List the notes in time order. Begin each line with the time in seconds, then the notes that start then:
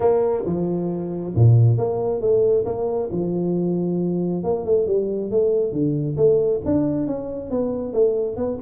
0.00 A#3
0.45 F3
1.35 A#2
1.77 A#3
2.20 A3
2.65 A#3
3.11 F3
4.43 A#3
4.65 A3
4.86 G3
5.31 A3
5.72 D3
6.16 A3
6.65 D4
7.06 C#4
7.50 B3
7.93 A3
8.36 B3